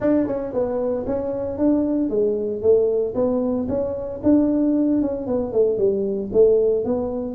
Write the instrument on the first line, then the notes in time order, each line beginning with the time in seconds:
tuba
0.00 D4
0.26 C#4
0.53 B3
1.06 C#4
1.58 D4
2.09 G#3
2.61 A3
3.14 B3
3.68 C#4
4.23 D4
5.01 C#4
5.26 B3
5.52 A3
5.78 G3
6.33 A3
6.84 B3